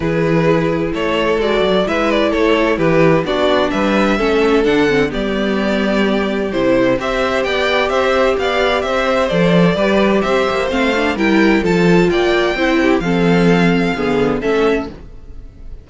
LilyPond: <<
  \new Staff \with { instrumentName = "violin" } { \time 4/4 \tempo 4 = 129 b'2 cis''4 d''4 | e''8 d''8 cis''4 b'4 d''4 | e''2 fis''4 d''4~ | d''2 c''4 e''4 |
g''4 e''4 f''4 e''4 | d''2 e''4 f''4 | g''4 a''4 g''2 | f''2. e''4 | }
  \new Staff \with { instrumentName = "violin" } { \time 4/4 gis'2 a'2 | b'4 a'4 g'4 fis'4 | b'4 a'2 g'4~ | g'2. c''4 |
d''4 c''4 d''4 c''4~ | c''4 b'4 c''2 | ais'4 a'4 d''4 c''8 g'8 | a'2 gis'4 a'4 | }
  \new Staff \with { instrumentName = "viola" } { \time 4/4 e'2. fis'4 | e'2. d'4~ | d'4 cis'4 d'8 c'8 b4~ | b2 e'4 g'4~ |
g'1 | a'4 g'2 c'8 d'8 | e'4 f'2 e'4 | c'2 b4 cis'4 | }
  \new Staff \with { instrumentName = "cello" } { \time 4/4 e2 a4 gis8 fis8 | gis4 a4 e4 b4 | g4 a4 d4 g4~ | g2 c4 c'4 |
b4 c'4 b4 c'4 | f4 g4 c'8 ais8 a4 | g4 f4 ais4 c'4 | f2 d4 a4 | }
>>